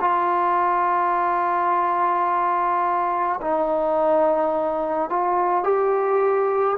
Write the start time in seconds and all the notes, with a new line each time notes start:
0.00 F4
3.41 D#4
5.09 F4
5.63 G4